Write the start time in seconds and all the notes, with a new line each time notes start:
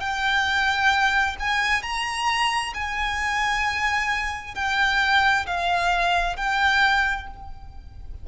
0.00 G5
1.40 G#5
1.82 A#5
2.74 G#5
4.55 G5
5.46 F5
6.36 G5